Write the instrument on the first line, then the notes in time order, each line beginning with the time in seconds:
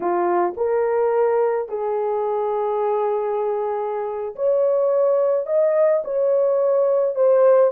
horn
0.00 F4
0.57 A#4
1.68 G#4
4.35 C#5
5.46 D#5
6.04 C#5
7.15 C5